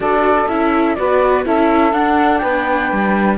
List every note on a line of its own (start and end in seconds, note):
0.00 0.46 D4
0.00 0.47 F#4
0.00 0.97 A4
0.00 0.48 D5
0.48 0.96 C#4
0.48 0.97 E4
0.48 0.95 E5
0.95 1.46 B3
0.95 1.44 F#4
0.95 1.45 B4
0.95 1.43 D5
1.44 1.92 C#4
1.44 1.93 E4
1.44 2.41 A4
1.44 1.93 E5
1.92 2.41 D4
1.92 3.37 D4
1.92 2.38 F#5
2.38 2.91 B3
2.38 3.37 B4
2.38 3.34 G5
2.91 3.37 G3